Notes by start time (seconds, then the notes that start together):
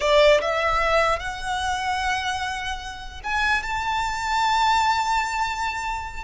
0.00 D5
0.41 E5
1.19 F#5
3.23 G#5
3.62 A5